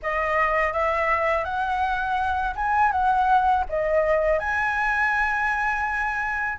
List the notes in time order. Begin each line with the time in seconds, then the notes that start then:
0.02 D#5
0.73 E5
1.44 F#5
2.55 G#5
2.91 F#5
3.69 D#5
4.39 G#5